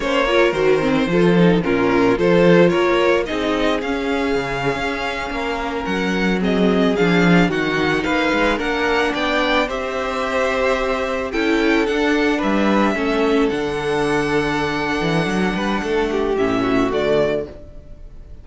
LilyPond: <<
  \new Staff \with { instrumentName = "violin" } { \time 4/4 \tempo 4 = 110 cis''4 c''2 ais'4 | c''4 cis''4 dis''4 f''4~ | f''2~ f''8. fis''4 dis''16~ | dis''8. f''4 fis''4 f''4 fis''16~ |
fis''8. g''4 e''2~ e''16~ | e''8. g''4 fis''4 e''4~ e''16~ | e''8. fis''2.~ fis''16~ | fis''2 e''4 d''4 | }
  \new Staff \with { instrumentName = "violin" } { \time 4/4 c''8 ais'4. a'4 f'4 | a'4 ais'4 gis'2~ | gis'4.~ gis'16 ais'2 gis'16~ | gis'4.~ gis'16 fis'4 b'4 ais'16~ |
ais'8. d''4 c''2~ c''16~ | c''8. a'2 b'4 a'16~ | a'1~ | a'8 b'8 a'8 g'4 fis'4. | }
  \new Staff \with { instrumentName = "viola" } { \time 4/4 cis'8 f'8 fis'8 c'8 f'8 dis'8 cis'4 | f'2 dis'4 cis'4~ | cis'2.~ cis'8. c'16~ | c'8. d'4 dis'2 d'16~ |
d'4.~ d'16 g'2~ g'16~ | g'8. e'4 d'2 cis'16~ | cis'8. d'2.~ d'16~ | d'2 cis'4 a4 | }
  \new Staff \with { instrumentName = "cello" } { \time 4/4 ais4 dis4 f4 ais,4 | f4 ais4 c'4 cis'4 | cis8. cis'4 ais4 fis4~ fis16~ | fis8. f4 dis4 ais8 gis8 ais16~ |
ais8. b4 c'2~ c'16~ | c'8. cis'4 d'4 g4 a16~ | a8. d2~ d8. e8 | fis8 g8 a4 a,4 d4 | }
>>